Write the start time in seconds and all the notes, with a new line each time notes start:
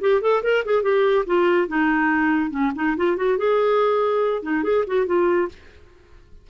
0.00 G4
0.21 A4
0.43 A#4
0.65 G#4
0.82 G4
1.26 F4
1.67 D#4
2.50 C#4
2.75 D#4
2.97 F4
3.16 F#4
3.37 G#4
4.42 D#4
4.63 G#4
4.87 F#4
5.06 F4